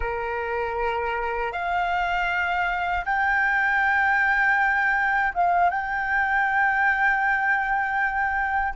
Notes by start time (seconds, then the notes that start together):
0.00 A#4
1.52 F5
3.05 G5
5.34 F5
5.70 G5